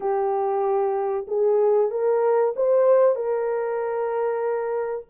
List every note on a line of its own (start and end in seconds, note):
0.00 1.26 G4
1.27 1.90 G#4
1.90 2.53 A#4
2.56 3.15 C5
3.15 5.05 A#4